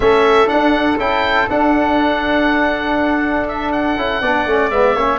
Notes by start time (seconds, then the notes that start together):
0.00 A3 C#4 A4 E5
0.47 D4 F#5
0.97 C#4 E4 G5
1.49 D4 F#5
3.48 E5
3.72 F#5
3.96 C#4 E4
4.21 B3 D4 D5
4.46 A3 C#4
4.70 G#3 B3 E5
4.94 A#3 C#4 C#5